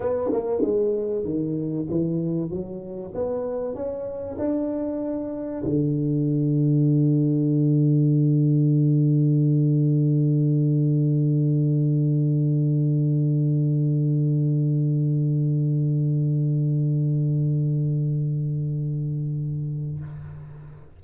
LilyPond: \new Staff \with { instrumentName = "tuba" } { \time 4/4 \tempo 4 = 96 b8 ais8 gis4 dis4 e4 | fis4 b4 cis'4 d'4~ | d'4 d2.~ | d1~ |
d1~ | d1~ | d1~ | d1 | }